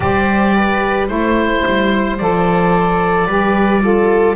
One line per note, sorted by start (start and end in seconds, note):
0.00 1.09 G3
0.00 1.07 G4
0.00 0.55 C5
0.00 1.07 D5
0.55 1.09 B4
1.07 1.63 A3
1.07 2.16 E4
1.07 2.17 C5
1.07 3.26 C5
1.66 2.20 G3
2.17 3.26 F3
2.17 3.27 A4
2.17 4.35 D5
3.26 4.35 G3
3.26 3.80 G4
3.26 3.80 B4
3.80 4.35 F4
3.80 4.35 A4